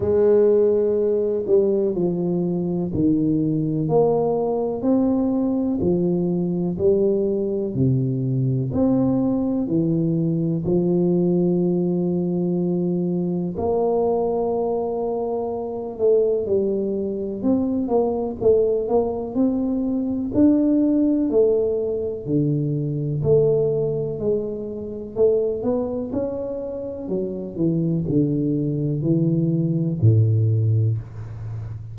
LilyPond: \new Staff \with { instrumentName = "tuba" } { \time 4/4 \tempo 4 = 62 gis4. g8 f4 dis4 | ais4 c'4 f4 g4 | c4 c'4 e4 f4~ | f2 ais2~ |
ais8 a8 g4 c'8 ais8 a8 ais8 | c'4 d'4 a4 d4 | a4 gis4 a8 b8 cis'4 | fis8 e8 d4 e4 a,4 | }